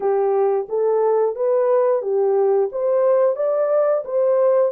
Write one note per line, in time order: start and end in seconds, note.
0.00 0.67 G4
0.68 1.35 A4
1.35 2.02 B4
2.02 2.69 G4
2.72 3.36 C5
3.36 4.03 D5
4.04 4.72 C5